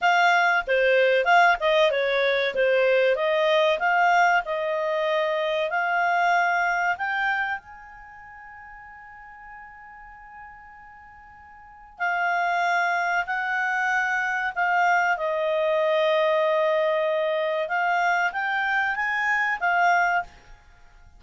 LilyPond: \new Staff \with { instrumentName = "clarinet" } { \time 4/4 \tempo 4 = 95 f''4 c''4 f''8 dis''8 cis''4 | c''4 dis''4 f''4 dis''4~ | dis''4 f''2 g''4 | gis''1~ |
gis''2. f''4~ | f''4 fis''2 f''4 | dis''1 | f''4 g''4 gis''4 f''4 | }